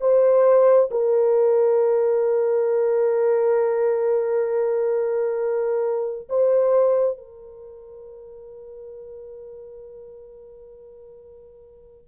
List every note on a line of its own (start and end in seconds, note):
0.00 0.90 C5
0.90 6.28 A#4
6.29 7.17 C5
7.17 12.07 A#4